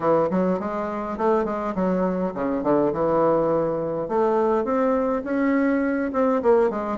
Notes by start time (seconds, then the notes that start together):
0.00 E3
0.30 F#3
0.59 G#3
1.17 A3
1.45 G#3
1.75 F#3
2.34 C#3
2.63 D3
2.92 E3
4.08 A3
4.64 C4
5.24 C#4
6.12 C4
6.42 A#3
6.70 G#3